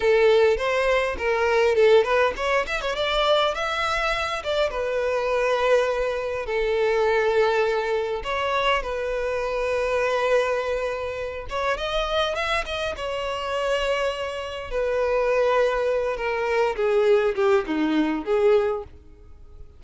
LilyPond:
\new Staff \with { instrumentName = "violin" } { \time 4/4 \tempo 4 = 102 a'4 c''4 ais'4 a'8 b'8 | cis''8 e''16 cis''16 d''4 e''4. d''8 | b'2. a'4~ | a'2 cis''4 b'4~ |
b'2.~ b'8 cis''8 | dis''4 e''8 dis''8 cis''2~ | cis''4 b'2~ b'8 ais'8~ | ais'8 gis'4 g'8 dis'4 gis'4 | }